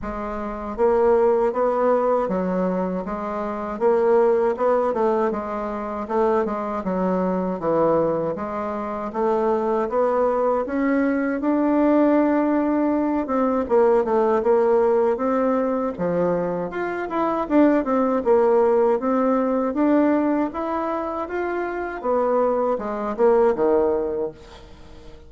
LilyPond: \new Staff \with { instrumentName = "bassoon" } { \time 4/4 \tempo 4 = 79 gis4 ais4 b4 fis4 | gis4 ais4 b8 a8 gis4 | a8 gis8 fis4 e4 gis4 | a4 b4 cis'4 d'4~ |
d'4. c'8 ais8 a8 ais4 | c'4 f4 f'8 e'8 d'8 c'8 | ais4 c'4 d'4 e'4 | f'4 b4 gis8 ais8 dis4 | }